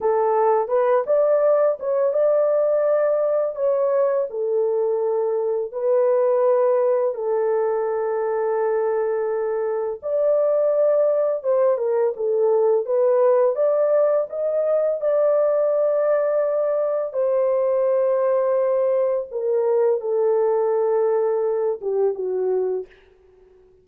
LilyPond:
\new Staff \with { instrumentName = "horn" } { \time 4/4 \tempo 4 = 84 a'4 b'8 d''4 cis''8 d''4~ | d''4 cis''4 a'2 | b'2 a'2~ | a'2 d''2 |
c''8 ais'8 a'4 b'4 d''4 | dis''4 d''2. | c''2. ais'4 | a'2~ a'8 g'8 fis'4 | }